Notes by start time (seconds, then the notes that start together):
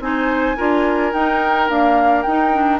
0.00 C4 D#4 C5 G#5
0.57 D4 F4 A#4
1.13 D#4 G5
1.69 A#3 D4 F5
2.23 D#4 G5
2.53 D4